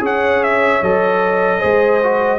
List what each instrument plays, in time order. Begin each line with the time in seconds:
0.00 tuba C#4, trombone G#4, horn C#5, trumpet F#5
0.43 trumpet E5
0.82 tuba F#3, trombone A4, trumpet D#5
1.60 tuba G#3, trombone G#4, horn C5
2.02 trombone F#4